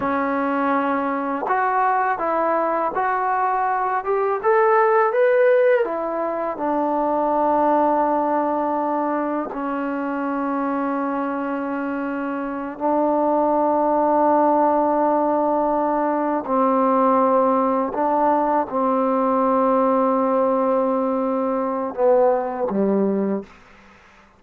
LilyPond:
\new Staff \with { instrumentName = "trombone" } { \time 4/4 \tempo 4 = 82 cis'2 fis'4 e'4 | fis'4. g'8 a'4 b'4 | e'4 d'2.~ | d'4 cis'2.~ |
cis'4. d'2~ d'8~ | d'2~ d'8 c'4.~ | c'8 d'4 c'2~ c'8~ | c'2 b4 g4 | }